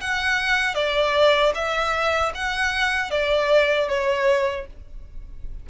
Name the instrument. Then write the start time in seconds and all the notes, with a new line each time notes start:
violin
0.00 F#5
0.74 D5
1.54 E5
2.34 F#5
3.10 D5
3.88 C#5